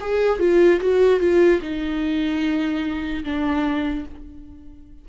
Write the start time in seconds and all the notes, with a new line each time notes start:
0.00 G#4
0.39 F4
0.80 F#4
1.20 F4
1.61 D#4
3.24 D4